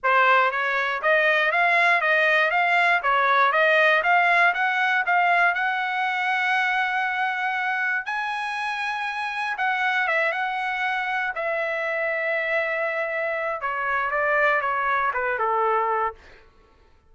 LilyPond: \new Staff \with { instrumentName = "trumpet" } { \time 4/4 \tempo 4 = 119 c''4 cis''4 dis''4 f''4 | dis''4 f''4 cis''4 dis''4 | f''4 fis''4 f''4 fis''4~ | fis''1 |
gis''2. fis''4 | e''8 fis''2 e''4.~ | e''2. cis''4 | d''4 cis''4 b'8 a'4. | }